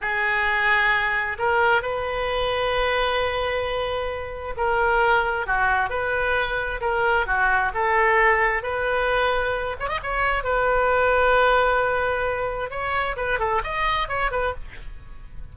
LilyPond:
\new Staff \with { instrumentName = "oboe" } { \time 4/4 \tempo 4 = 132 gis'2. ais'4 | b'1~ | b'2 ais'2 | fis'4 b'2 ais'4 |
fis'4 a'2 b'4~ | b'4. cis''16 dis''16 cis''4 b'4~ | b'1 | cis''4 b'8 a'8 dis''4 cis''8 b'8 | }